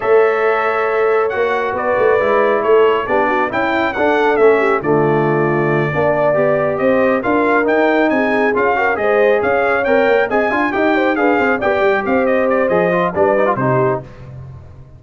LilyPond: <<
  \new Staff \with { instrumentName = "trumpet" } { \time 4/4 \tempo 4 = 137 e''2. fis''4 | d''2 cis''4 d''4 | g''4 fis''4 e''4 d''4~ | d''2.~ d''8 dis''8~ |
dis''8 f''4 g''4 gis''4 f''8~ | f''8 dis''4 f''4 g''4 gis''8~ | gis''8 g''4 f''4 g''4 f''8 | dis''8 d''8 dis''4 d''4 c''4 | }
  \new Staff \with { instrumentName = "horn" } { \time 4/4 cis''1 | b'2 a'4 g'8 fis'8 | e'4 a'4. g'8 f'4~ | f'4. d''2 c''8~ |
c''8 ais'2 gis'4. | ais'8 c''4 cis''2 dis''8 | f''8 dis''8 c''8 b'8 c''8 d''4 c''8~ | c''2 b'4 g'4 | }
  \new Staff \with { instrumentName = "trombone" } { \time 4/4 a'2. fis'4~ | fis'4 e'2 d'4 | e'4 d'4 cis'4 a4~ | a4. d'4 g'4.~ |
g'8 f'4 dis'2 f'8 | fis'8 gis'2 ais'4 gis'8 | f'8 g'4 gis'4 g'4.~ | g'4 gis'8 f'8 d'8 dis'16 f'16 dis'4 | }
  \new Staff \with { instrumentName = "tuba" } { \time 4/4 a2. ais4 | b8 a8 gis4 a4 b4 | cis'4 d'4 a4 d4~ | d4. ais4 b4 c'8~ |
c'8 d'4 dis'4 c'4 cis'8~ | cis'8 gis4 cis'4 c'8 ais8 c'8 | d'8 dis'4 d'8 c'8 b8 g8 c'8~ | c'4 f4 g4 c4 | }
>>